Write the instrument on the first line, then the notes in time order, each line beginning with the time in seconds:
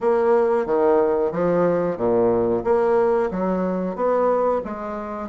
bassoon
0.00 A#3
0.66 D#3
1.31 F3
1.97 A#2
2.64 A#3
3.30 F#3
3.95 B3
4.64 G#3